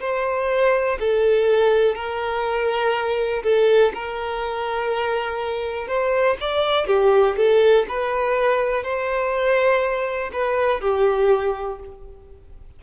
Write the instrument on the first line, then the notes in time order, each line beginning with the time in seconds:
violin
0.00 C5
1.00 A4
1.95 A#4
3.43 A4
3.94 A#4
5.87 C5
6.41 D5
6.87 G4
7.37 A4
7.89 B4
8.83 C5
10.32 B4
10.81 G4